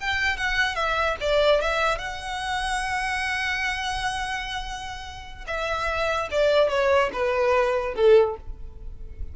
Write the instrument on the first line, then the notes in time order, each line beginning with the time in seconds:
violin
0.00 G5
0.37 F#5
0.75 E5
1.20 D5
1.61 E5
1.98 F#5
5.47 E5
6.31 D5
6.69 C#5
7.13 B4
7.95 A4